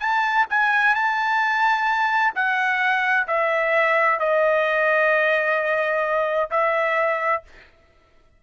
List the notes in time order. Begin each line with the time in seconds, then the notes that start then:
0.00 A5
0.50 G#5
0.95 A5
2.35 F#5
3.28 E5
4.19 D#5
6.51 E5